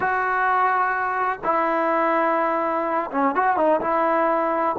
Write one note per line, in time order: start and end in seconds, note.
0.00 1.39 F#4
1.44 3.10 E4
3.11 3.35 C#4
3.35 3.56 F#4
3.56 3.80 D#4
3.80 4.76 E4